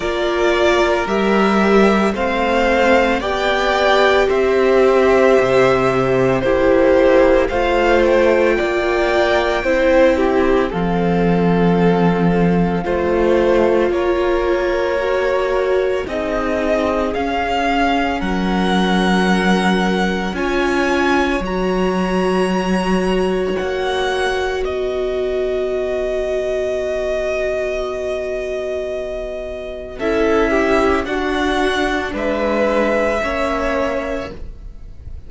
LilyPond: <<
  \new Staff \with { instrumentName = "violin" } { \time 4/4 \tempo 4 = 56 d''4 e''4 f''4 g''4 | e''2 c''4 f''8 g''8~ | g''2 f''2~ | f''4 cis''2 dis''4 |
f''4 fis''2 gis''4 | ais''2 fis''4 dis''4~ | dis''1 | e''4 fis''4 e''2 | }
  \new Staff \with { instrumentName = "violin" } { \time 4/4 ais'2 c''4 d''4 | c''2 g'4 c''4 | d''4 c''8 g'8 a'2 | c''4 ais'2 gis'4~ |
gis'4 ais'2 cis''4~ | cis''2. b'4~ | b'1 | a'8 g'8 fis'4 b'4 cis''4 | }
  \new Staff \with { instrumentName = "viola" } { \time 4/4 f'4 g'4 c'4 g'4~ | g'2 e'4 f'4~ | f'4 e'4 c'2 | f'2 fis'4 dis'4 |
cis'2. f'4 | fis'1~ | fis'1 | e'4 d'2 cis'4 | }
  \new Staff \with { instrumentName = "cello" } { \time 4/4 ais4 g4 a4 b4 | c'4 c4 ais4 a4 | ais4 c'4 f2 | a4 ais2 c'4 |
cis'4 fis2 cis'4 | fis2 ais4 b4~ | b1 | cis'4 d'4 gis4 ais4 | }
>>